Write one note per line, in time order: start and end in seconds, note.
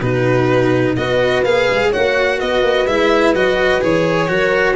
0.00 0.96 B2
0.00 0.97 D#4
0.00 0.96 F#4
0.00 0.95 B4
0.96 1.44 B3
0.96 1.45 F#4
0.96 1.90 B4
0.96 1.43 D#5
1.44 1.67 A#3
1.44 1.92 G#4
1.44 1.92 F5
1.70 1.94 G#3
1.90 2.41 A#3
1.90 2.88 F#4
1.90 2.37 C#5
1.90 2.40 F#5
2.38 2.62 B3
2.38 4.29 B4
2.38 2.87 D#5
2.62 2.85 A#3
2.86 3.34 G#3
2.86 3.35 E4
2.86 3.34 E5
3.34 3.82 F#3
3.34 3.81 F#4
3.34 3.83 D#5
3.81 4.29 E3
3.81 4.28 G#4
3.81 4.75 C#5
4.28 4.75 F#3
4.28 4.75 F#4
4.28 4.75 A#4